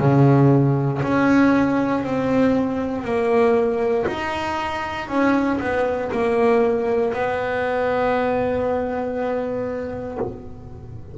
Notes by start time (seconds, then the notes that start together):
0.00 C#3
1.03 C#4
2.04 C4
3.05 A#3
4.07 D#4
5.09 C#4
5.61 B3
6.12 A#3
7.13 B3